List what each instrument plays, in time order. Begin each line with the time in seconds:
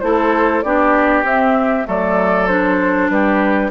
0.00 bassoon A3, clarinet E4, oboe A4, flute C5
0.62 bassoon B3, clarinet D4, oboe G4, flute D5
1.23 bassoon C4, clarinet C4, flute E5
1.85 bassoon F#3, clarinet A3, oboe A4, flute D5
2.47 clarinet D4, flute C5
3.09 bassoon G3, oboe G4, flute B4